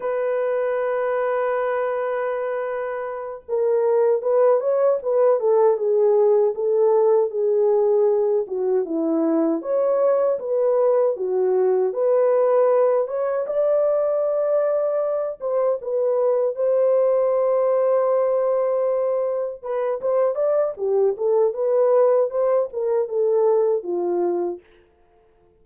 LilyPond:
\new Staff \with { instrumentName = "horn" } { \time 4/4 \tempo 4 = 78 b'1~ | b'8 ais'4 b'8 cis''8 b'8 a'8 gis'8~ | gis'8 a'4 gis'4. fis'8 e'8~ | e'8 cis''4 b'4 fis'4 b'8~ |
b'4 cis''8 d''2~ d''8 | c''8 b'4 c''2~ c''8~ | c''4. b'8 c''8 d''8 g'8 a'8 | b'4 c''8 ais'8 a'4 f'4 | }